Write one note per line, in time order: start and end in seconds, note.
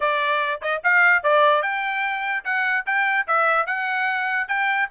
0.00 0.61 D5
0.61 0.82 D#5
0.83 1.23 F5
1.23 1.62 D5
1.62 2.44 G5
2.44 2.85 F#5
2.86 3.27 G5
3.27 3.66 E5
3.66 4.47 F#5
4.48 4.88 G5